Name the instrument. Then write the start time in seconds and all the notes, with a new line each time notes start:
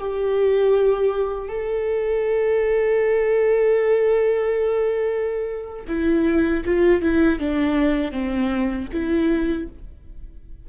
viola
0.00 G4
1.49 A4
5.89 E4
6.66 F4
7.02 E4
7.40 D4
8.12 C4
8.93 E4